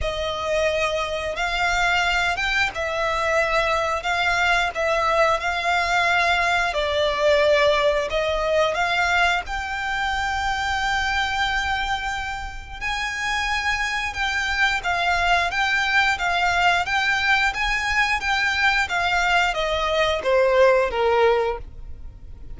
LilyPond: \new Staff \with { instrumentName = "violin" } { \time 4/4 \tempo 4 = 89 dis''2 f''4. g''8 | e''2 f''4 e''4 | f''2 d''2 | dis''4 f''4 g''2~ |
g''2. gis''4~ | gis''4 g''4 f''4 g''4 | f''4 g''4 gis''4 g''4 | f''4 dis''4 c''4 ais'4 | }